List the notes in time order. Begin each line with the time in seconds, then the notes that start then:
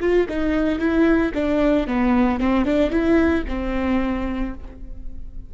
0.00 F4
0.28 D#4
0.78 E4
1.34 D4
1.87 B3
2.39 C4
2.65 D4
2.90 E4
3.48 C4